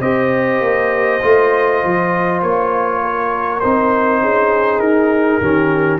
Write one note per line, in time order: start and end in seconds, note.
0.00 0.60 C4
0.00 1.20 G4
0.00 3.01 C5
0.00 2.41 D#5
0.60 1.20 A#3
1.22 1.83 A3
1.22 3.62 F4
1.83 2.42 F3
2.42 3.62 A#3
2.42 3.59 C#5
3.02 4.21 A#4
3.59 4.21 C4
3.59 5.42 D#4
3.59 4.79 C5
4.21 4.79 C#4
4.21 5.41 G#4
4.79 5.38 D#4
4.79 5.99 A#4
5.41 5.99 D#3
5.41 5.99 C#4
5.41 5.99 G4